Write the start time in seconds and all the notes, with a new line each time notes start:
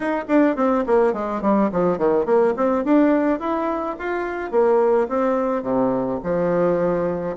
0.00 D#4
0.28 D4
0.56 C4
0.86 A#3
1.13 G#3
1.42 G3
1.72 F3
1.98 D#3
2.25 A#3
2.56 C4
2.84 D4
3.39 E4
3.98 F4
4.51 A#3
5.08 C4
5.62 C3
6.23 F3